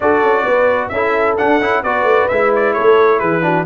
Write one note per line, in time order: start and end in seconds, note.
0.00 0.22 D4
0.00 0.92 F#4
0.00 0.44 A4
0.00 0.88 D5
0.22 0.45 C#4
0.44 0.91 B3
0.44 0.90 B4
0.88 1.36 C#4
0.88 1.83 A4
0.88 1.34 E5
0.94 1.37 E4
1.37 1.60 D4
1.37 1.61 D4
1.37 1.83 F#5
1.61 1.83 C#4
1.61 1.84 E4
1.83 2.03 B3
1.83 2.30 F#4
1.83 2.74 B4
1.83 2.28 D5
2.03 2.26 A3
2.28 2.77 G#3
2.28 3.41 E4
2.28 2.51 E5
2.55 2.73 D5
2.73 3.21 A3
2.73 3.19 A4
2.73 3.19 C#5
3.19 3.66 E3
3.19 3.42 G#4
3.19 3.64 B4
3.41 3.64 D4
3.41 3.66 F#4